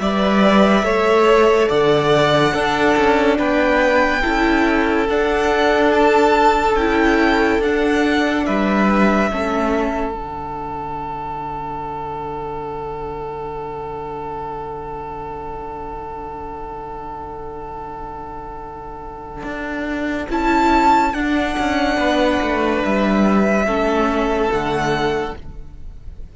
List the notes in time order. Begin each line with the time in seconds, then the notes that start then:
0.00 G3 B4 D5 E5
0.84 A3 A4 C#5
1.69 D3 D5 F#5
2.54 D4 A4
2.97 C#4
3.38 B3 B4 G5
4.23 C#4 E4 A4
5.09 D4 F#5
5.93 A5
6.75 C#4 E4 G5
7.59 D4 F#5
8.46 G3 B4 E5
9.30 A3 C#4 A4
10.12 D3 D4 F#5
19.43 D4
20.30 C#4 E4 A5
21.14 D4 F#5
21.60 C#4
21.97 B3 B4
22.42 A3
22.85 G3 E5
23.66 A3 C#4 A4
24.49 D3 A3 F#5